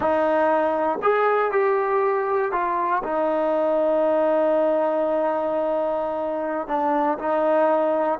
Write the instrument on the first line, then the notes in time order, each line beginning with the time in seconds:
trombone
0.00 D#4
1.02 G#4
1.51 G4
2.51 F4
3.03 D#4
6.67 D4
7.18 D#4